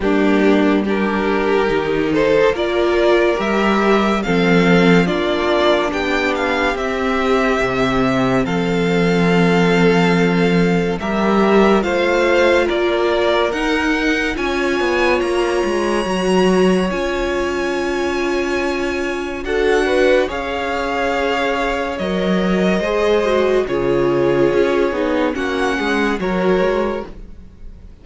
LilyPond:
<<
  \new Staff \with { instrumentName = "violin" } { \time 4/4 \tempo 4 = 71 g'4 ais'4. c''8 d''4 | e''4 f''4 d''4 g''8 f''8 | e''2 f''2~ | f''4 e''4 f''4 d''4 |
fis''4 gis''4 ais''2 | gis''2. fis''4 | f''2 dis''2 | cis''2 fis''4 cis''4 | }
  \new Staff \with { instrumentName = "violin" } { \time 4/4 d'4 g'4. a'8 ais'4~ | ais'4 a'4 f'4 g'4~ | g'2 a'2~ | a'4 ais'4 c''4 ais'4~ |
ais'4 cis''2.~ | cis''2. a'8 b'8 | cis''2. c''4 | gis'2 fis'8 gis'8 ais'4 | }
  \new Staff \with { instrumentName = "viola" } { \time 4/4 ais4 d'4 dis'4 f'4 | g'4 c'4 d'2 | c'1~ | c'4 g'4 f'2 |
dis'4 f'2 fis'4 | f'2. fis'4 | gis'2 ais'4 gis'8 fis'8 | f'4. dis'8 cis'4 fis'4 | }
  \new Staff \with { instrumentName = "cello" } { \time 4/4 g2 dis4 ais4 | g4 f4 ais4 b4 | c'4 c4 f2~ | f4 g4 a4 ais4 |
dis'4 cis'8 b8 ais8 gis8 fis4 | cis'2. d'4 | cis'2 fis4 gis4 | cis4 cis'8 b8 ais8 gis8 fis8 gis8 | }
>>